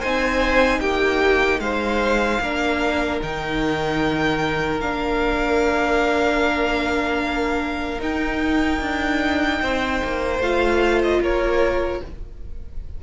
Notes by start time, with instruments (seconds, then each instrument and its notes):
0.00 cello C4, viola D#4, violin C5 G#5
0.80 cello A#3, violin G4 G5
1.59 cello G#3, violin C5 F5
2.41 cello A#3, viola D4, violin A#4
3.22 cello D#3, viola D#4, violin G5
4.81 cello A#3, viola D4, violin F5
7.99 viola D#4, cello D#4, violin G5
8.81 cello D4
9.61 cello C4, violin C5
10.04 cello A#3
10.40 cello A3, viola F4, violin F5
11.03 violin D#5
11.21 cello A#3, violin A#4 C#5